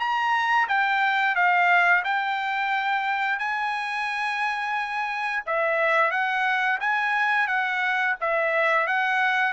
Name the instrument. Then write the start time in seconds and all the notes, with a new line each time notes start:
trumpet
0.00 A#5
0.68 G5
1.36 F5
2.04 G5
3.39 G#5
5.46 E5
6.11 F#5
6.80 G#5
7.48 F#5
8.21 E5
8.88 F#5